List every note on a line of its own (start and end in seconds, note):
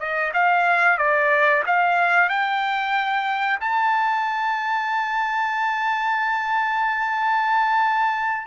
0.00 0.33 D#5
0.34 0.99 F5
0.99 1.64 D5
1.67 2.29 F5
2.29 3.60 G5
3.61 8.47 A5